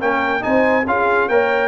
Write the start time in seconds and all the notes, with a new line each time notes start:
0.00 A#3 C#4 A#4 G5
0.40 C4 D#4 C5 G#5
0.86 C#4 F4 G#4 F5
1.28 A#3 A#4 C#5 G5